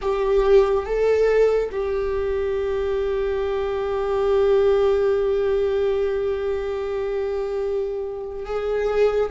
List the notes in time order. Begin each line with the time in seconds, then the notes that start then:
0.01 G4
0.85 A4
1.71 G4
8.45 G#4